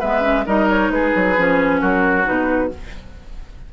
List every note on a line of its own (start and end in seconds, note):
0.00 0.47 G#3
0.00 0.21 B3
0.00 0.45 B4
0.00 0.46 E5
0.21 0.43 C#4
0.46 0.90 G3
0.46 1.36 D#4
0.46 0.91 A#4
0.46 0.69 D#5
0.69 0.91 C#5
0.90 1.12 G#3
0.90 1.81 G#4
0.90 1.81 B4
1.16 1.38 F#3
1.38 1.82 F3
1.38 2.24 C#4
1.81 2.27 F#3
1.81 2.70 F#4
1.81 2.26 A#4
2.24 2.73 B2
2.24 2.69 D#4
2.24 2.72 B4